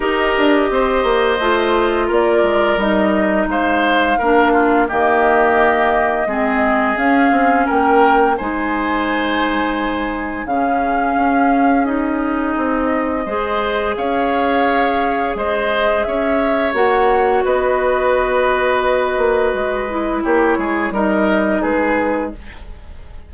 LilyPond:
<<
  \new Staff \with { instrumentName = "flute" } { \time 4/4 \tempo 4 = 86 dis''2. d''4 | dis''4 f''2 dis''4~ | dis''2 f''4 g''4 | gis''2. f''4~ |
f''4 dis''2. | f''2 dis''4 e''4 | fis''4 dis''2.~ | dis''4 cis''4 dis''4 b'4 | }
  \new Staff \with { instrumentName = "oboe" } { \time 4/4 ais'4 c''2 ais'4~ | ais'4 c''4 ais'8 f'8 g'4~ | g'4 gis'2 ais'4 | c''2. gis'4~ |
gis'2. c''4 | cis''2 c''4 cis''4~ | cis''4 b'2.~ | b'4 g'8 gis'8 ais'4 gis'4 | }
  \new Staff \with { instrumentName = "clarinet" } { \time 4/4 g'2 f'2 | dis'2 d'4 ais4~ | ais4 c'4 cis'2 | dis'2. cis'4~ |
cis'4 dis'2 gis'4~ | gis'1 | fis'1~ | fis'8 e'4. dis'2 | }
  \new Staff \with { instrumentName = "bassoon" } { \time 4/4 dis'8 d'8 c'8 ais8 a4 ais8 gis8 | g4 gis4 ais4 dis4~ | dis4 gis4 cis'8 c'8 ais4 | gis2. cis4 |
cis'2 c'4 gis4 | cis'2 gis4 cis'4 | ais4 b2~ b8 ais8 | gis4 ais8 gis8 g4 gis4 | }
>>